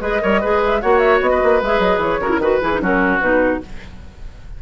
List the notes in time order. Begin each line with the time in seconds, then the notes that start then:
0.00 G#3 G#4 B4 D#5
0.21 G3 A#4 C#5
0.41 G#3 G#4 B4
0.65 E5
0.81 A#3 F#4 C#5 F#5
0.98 E5
1.21 B3 D#5
1.30 B4
1.43 A#3
1.61 G#3 G#4 E5
1.79 F#3 D#5
1.97 E3 C#5
2.20 C#3 F#4 A#4
2.29 E4
2.38 D#3 F#4 B4
2.61 E3 E4 G#4
2.73 D#4
2.80 F#3 C#4 F#4 A#4
3.20 B2 D#4 B4